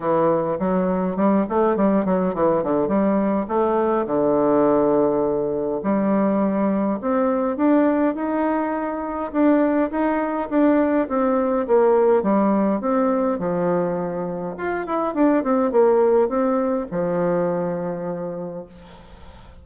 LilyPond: \new Staff \with { instrumentName = "bassoon" } { \time 4/4 \tempo 4 = 103 e4 fis4 g8 a8 g8 fis8 | e8 d8 g4 a4 d4~ | d2 g2 | c'4 d'4 dis'2 |
d'4 dis'4 d'4 c'4 | ais4 g4 c'4 f4~ | f4 f'8 e'8 d'8 c'8 ais4 | c'4 f2. | }